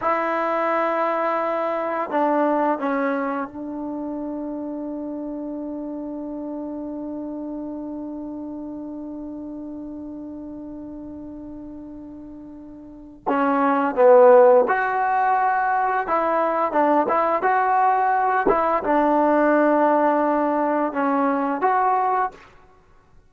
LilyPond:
\new Staff \with { instrumentName = "trombone" } { \time 4/4 \tempo 4 = 86 e'2. d'4 | cis'4 d'2.~ | d'1~ | d'1~ |
d'2. cis'4 | b4 fis'2 e'4 | d'8 e'8 fis'4. e'8 d'4~ | d'2 cis'4 fis'4 | }